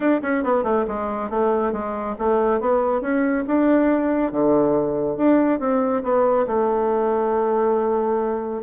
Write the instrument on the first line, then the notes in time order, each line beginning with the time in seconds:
bassoon
0.00 D4
0.22 C#4
0.43 B3
0.63 A3
0.87 G#3
1.30 A3
1.72 G#3
2.18 A3
2.60 B3
3.01 C#4
3.47 D4
4.32 D3
5.16 D4
5.59 C4
6.03 B3
6.46 A3